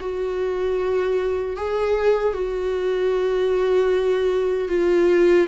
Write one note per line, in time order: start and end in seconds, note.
0.00 1.57 F#4
1.57 2.34 G#4
2.34 4.68 F#4
4.68 5.47 F4